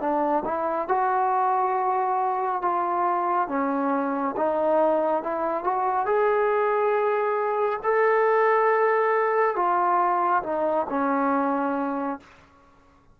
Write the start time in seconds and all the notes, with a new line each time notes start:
0.00 D4
0.45 E4
0.88 F#4
2.61 F4
3.48 C#4
4.36 D#4
5.23 E4
5.64 F#4
6.06 G#4
7.83 A4
9.55 F4
10.43 D#4
10.89 C#4